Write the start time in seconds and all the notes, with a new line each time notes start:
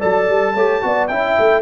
0.00 F#3 A4 D5 A5
0.29 G3
0.55 A3 G4 C#5
0.82 B3 F#4 D5
1.08 C#4 E4 E5 G5
1.40 A3